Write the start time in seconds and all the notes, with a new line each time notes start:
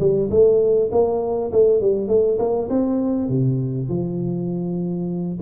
0.00 G3
0.30 A3
0.91 A#3
1.52 A3
1.81 G3
2.08 A3
2.39 A#3
2.69 C4
3.29 C3
3.89 F3